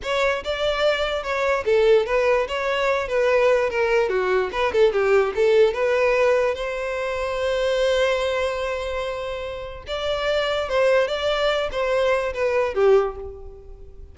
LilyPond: \new Staff \with { instrumentName = "violin" } { \time 4/4 \tempo 4 = 146 cis''4 d''2 cis''4 | a'4 b'4 cis''4. b'8~ | b'4 ais'4 fis'4 b'8 a'8 | g'4 a'4 b'2 |
c''1~ | c''1 | d''2 c''4 d''4~ | d''8 c''4. b'4 g'4 | }